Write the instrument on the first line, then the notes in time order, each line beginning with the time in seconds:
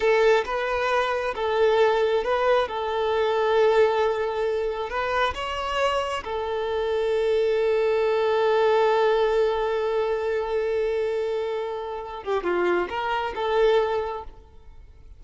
violin
0.00 A4
0.45 B4
1.35 A4
2.24 B4
2.67 A4
4.89 B4
5.34 C#5
6.23 A4
12.23 G4
12.43 F4
12.89 A#4
13.35 A4